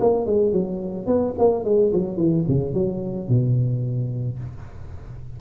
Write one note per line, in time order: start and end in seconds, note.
0.00 0.26 A#3
0.26 0.53 G#3
0.53 1.06 F#3
1.06 1.34 B3
1.38 1.64 A#3
1.64 1.92 G#3
1.93 2.17 F#3
2.17 2.44 E3
2.48 2.73 C#3
2.73 3.29 F#3
3.29 4.39 B2